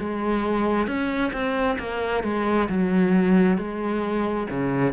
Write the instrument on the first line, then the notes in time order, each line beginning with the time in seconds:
cello
0.00 G#3
0.88 C#4
1.33 C4
1.80 A#3
2.24 G#3
2.69 F#3
3.58 G#3
4.51 C#3